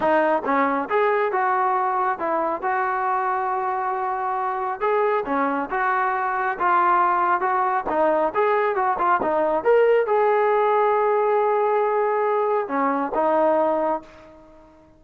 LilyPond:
\new Staff \with { instrumentName = "trombone" } { \time 4/4 \tempo 4 = 137 dis'4 cis'4 gis'4 fis'4~ | fis'4 e'4 fis'2~ | fis'2. gis'4 | cis'4 fis'2 f'4~ |
f'4 fis'4 dis'4 gis'4 | fis'8 f'8 dis'4 ais'4 gis'4~ | gis'1~ | gis'4 cis'4 dis'2 | }